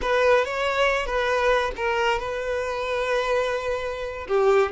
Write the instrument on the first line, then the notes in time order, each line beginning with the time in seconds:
violin
0.01 B4
0.44 C#5
1.06 B4
1.76 A#4
2.19 B4
4.27 G4